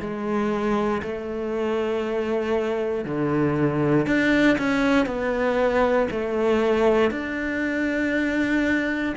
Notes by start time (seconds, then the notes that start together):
0.00 G#3
1.03 A3
3.05 D3
4.06 D4
4.58 C#4
5.06 B3
6.11 A3
7.10 D4